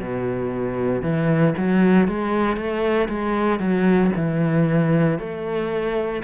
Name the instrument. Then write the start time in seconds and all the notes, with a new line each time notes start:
cello
0.00 B2
1.02 E3
1.58 F#3
2.07 G#3
2.56 A3
3.08 G#3
3.59 F#3
4.16 E3
5.19 A3